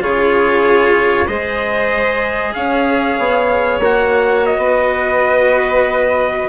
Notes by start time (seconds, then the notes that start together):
0.00 C#3 F4 G#4 C#5
1.27 G#3 G#4 C5 D#5
2.54 C#4 C#5 F5
3.19 B3
3.79 A#3 F#4 F#5
4.46 D#5
4.57 B3 B4